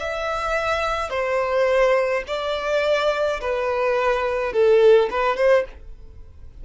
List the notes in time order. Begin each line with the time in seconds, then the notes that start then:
0.00 E5
1.11 C5
2.27 D5
3.41 B4
4.53 A4
5.11 B4
5.37 C5